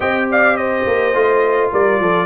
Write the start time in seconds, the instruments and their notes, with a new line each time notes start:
0.00 tuba C4, trombone G4, horn D#5, trumpet G5
0.30 horn D5, trumpet F5
0.56 horn C5, trumpet D#5
0.86 tuba A#3
1.13 tuba A3, trombone F4
1.71 tuba G3, horn A#4, trumpet D5
2.00 tuba F3, horn A4